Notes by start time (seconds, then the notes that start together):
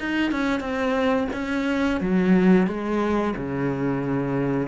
0.00 D#4
0.32 C#4
0.60 C4
1.33 C#4
2.01 F#3
2.67 G#3
3.36 C#3